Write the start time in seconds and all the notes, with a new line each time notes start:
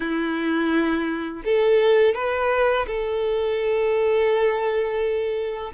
0.00 E4
1.44 A4
2.14 B4
2.86 A4